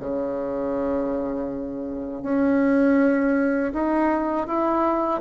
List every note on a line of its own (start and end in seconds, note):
0.00 2.23 C#3
2.23 3.73 C#4
3.73 4.47 D#4
4.47 5.21 E4